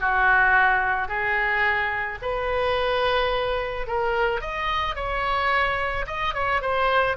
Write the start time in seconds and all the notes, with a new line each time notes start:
0.00 F#4
1.08 G#4
2.22 B4
3.87 A#4
4.41 D#5
4.95 C#5
6.07 D#5
6.34 C#5
6.62 C5